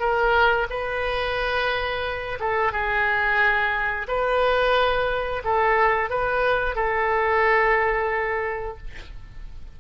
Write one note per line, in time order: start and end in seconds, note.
0.00 0.67 A#4
0.70 2.39 B4
2.40 2.72 A4
2.72 4.07 G#4
4.08 5.43 B4
5.44 6.10 A4
6.10 6.75 B4
6.75 8.78 A4